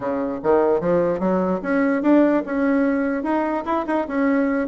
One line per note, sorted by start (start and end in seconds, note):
0.00 0.39 C#3
0.43 0.80 D#3
0.80 1.19 F3
1.19 1.60 F#3
1.62 2.02 C#4
2.02 2.43 D4
2.45 3.23 C#4
3.23 3.63 D#4
3.65 3.85 E4
3.86 4.07 D#4
4.07 4.68 C#4